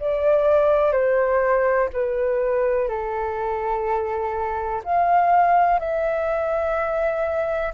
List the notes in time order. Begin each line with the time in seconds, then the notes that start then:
0.00 D5
0.92 C5
1.93 B4
2.89 A4
4.84 F5
5.80 E5